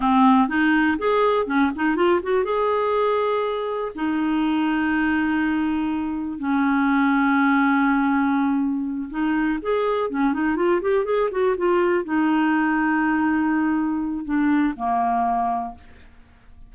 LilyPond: \new Staff \with { instrumentName = "clarinet" } { \time 4/4 \tempo 4 = 122 c'4 dis'4 gis'4 cis'8 dis'8 | f'8 fis'8 gis'2. | dis'1~ | dis'4 cis'2.~ |
cis'2~ cis'8 dis'4 gis'8~ | gis'8 cis'8 dis'8 f'8 g'8 gis'8 fis'8 f'8~ | f'8 dis'2.~ dis'8~ | dis'4 d'4 ais2 | }